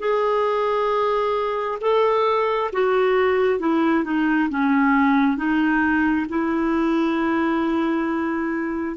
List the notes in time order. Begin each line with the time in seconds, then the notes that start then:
0.00 G#4
1.81 A4
2.73 F#4
3.60 E4
4.05 D#4
4.50 C#4
5.37 D#4
6.29 E4